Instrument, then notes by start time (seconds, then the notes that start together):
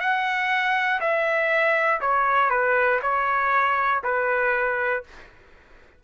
trumpet
0.00 F#5
1.00 E5
2.00 C#5
2.50 B4
3.02 C#5
4.04 B4